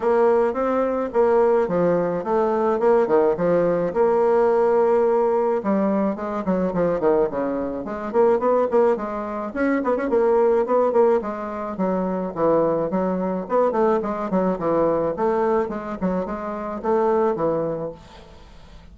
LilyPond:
\new Staff \with { instrumentName = "bassoon" } { \time 4/4 \tempo 4 = 107 ais4 c'4 ais4 f4 | a4 ais8 dis8 f4 ais4~ | ais2 g4 gis8 fis8 | f8 dis8 cis4 gis8 ais8 b8 ais8 |
gis4 cis'8 b16 cis'16 ais4 b8 ais8 | gis4 fis4 e4 fis4 | b8 a8 gis8 fis8 e4 a4 | gis8 fis8 gis4 a4 e4 | }